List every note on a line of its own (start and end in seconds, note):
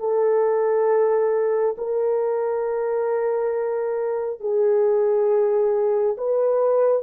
0.00 1.76 A4
1.78 4.41 A#4
4.41 6.17 G#4
6.18 7.03 B4